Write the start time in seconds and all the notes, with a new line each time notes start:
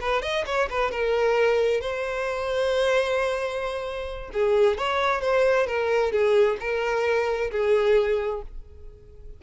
0.00 B4
0.22 D#5
0.45 C#5
0.69 B4
0.90 A#4
1.80 C5
4.33 G#4
4.77 C#5
5.21 C5
5.66 A#4
6.11 G#4
6.60 A#4
7.51 G#4